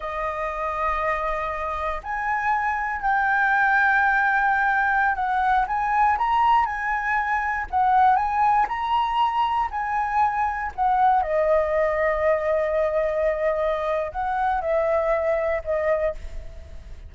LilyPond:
\new Staff \with { instrumentName = "flute" } { \time 4/4 \tempo 4 = 119 dis''1 | gis''2 g''2~ | g''2~ g''16 fis''4 gis''8.~ | gis''16 ais''4 gis''2 fis''8.~ |
fis''16 gis''4 ais''2 gis''8.~ | gis''4~ gis''16 fis''4 dis''4.~ dis''16~ | dis''1 | fis''4 e''2 dis''4 | }